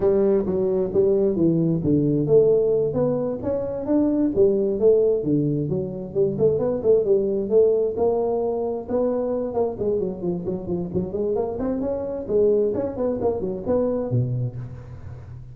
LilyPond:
\new Staff \with { instrumentName = "tuba" } { \time 4/4 \tempo 4 = 132 g4 fis4 g4 e4 | d4 a4. b4 cis'8~ | cis'8 d'4 g4 a4 d8~ | d8 fis4 g8 a8 b8 a8 g8~ |
g8 a4 ais2 b8~ | b4 ais8 gis8 fis8 f8 fis8 f8 | fis8 gis8 ais8 c'8 cis'4 gis4 | cis'8 b8 ais8 fis8 b4 b,4 | }